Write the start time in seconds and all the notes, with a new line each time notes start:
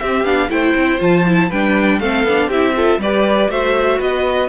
0.00 C4 G4 E5
0.25 B3 D4 F5
0.50 A3 E4 C5 G5
0.75 C4
0.99 F3 F4 A5
1.27 E4
1.49 G3 D4 B4 G5
2.00 A3 C4 A4 F5
2.24 B3 D4
2.47 C4 E4 G4 E5
2.76 F4 A4
2.98 G3 G4 B4 D5
3.50 A3 F#4 C5 E5
3.99 B3 B4 D#5